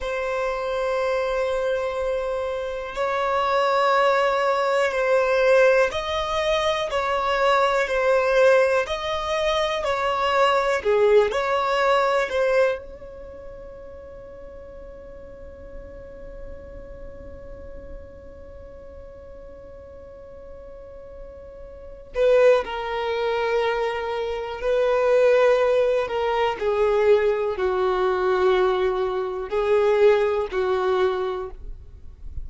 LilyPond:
\new Staff \with { instrumentName = "violin" } { \time 4/4 \tempo 4 = 61 c''2. cis''4~ | cis''4 c''4 dis''4 cis''4 | c''4 dis''4 cis''4 gis'8 cis''8~ | cis''8 c''8 cis''2.~ |
cis''1~ | cis''2~ cis''8 b'8 ais'4~ | ais'4 b'4. ais'8 gis'4 | fis'2 gis'4 fis'4 | }